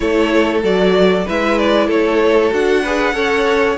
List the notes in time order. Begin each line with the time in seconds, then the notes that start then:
0.00 A3 E4 A4 C#5
0.63 F#3 F#4 D5
1.25 G#3 E4 B4 E5
1.58 D5
1.86 A3 A4 C#5
2.51 D4 F#4 F#5
2.82 G#4 B4
3.13 C#4 A4 C#5